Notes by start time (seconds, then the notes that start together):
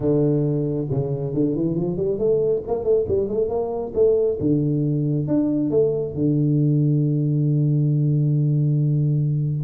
0.00 D3
0.90 C#3
1.34 D3
1.55 E3
1.75 F3
1.96 G3
2.18 A3
2.67 A#3
2.83 A3
3.08 G3
3.28 A3
3.48 A#3
3.94 A3
4.40 D3
5.27 D4
5.70 A3
6.14 D3